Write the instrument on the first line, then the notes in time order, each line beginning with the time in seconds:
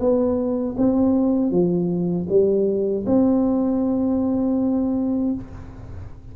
tuba
0.00 B3
0.78 C4
1.52 F3
2.30 G3
3.07 C4